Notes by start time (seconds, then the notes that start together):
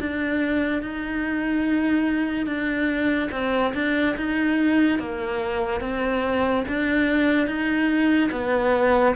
0.00 D4
0.82 D#4
2.46 D4
3.31 C4
3.74 D4
4.17 D#4
4.99 A#3
5.81 C4
6.68 D4
7.47 D#4
8.31 B3